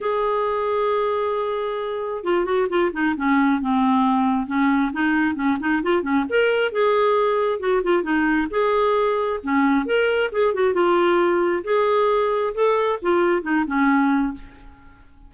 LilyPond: \new Staff \with { instrumentName = "clarinet" } { \time 4/4 \tempo 4 = 134 gis'1~ | gis'4 f'8 fis'8 f'8 dis'8 cis'4 | c'2 cis'4 dis'4 | cis'8 dis'8 f'8 cis'8 ais'4 gis'4~ |
gis'4 fis'8 f'8 dis'4 gis'4~ | gis'4 cis'4 ais'4 gis'8 fis'8 | f'2 gis'2 | a'4 f'4 dis'8 cis'4. | }